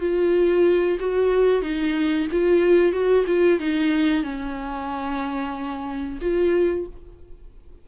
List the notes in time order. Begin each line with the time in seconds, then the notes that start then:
0.00 F4
0.99 F#4
1.62 D#4
2.31 F4
2.92 F#4
3.27 F4
3.59 D#4
4.23 C#4
6.21 F4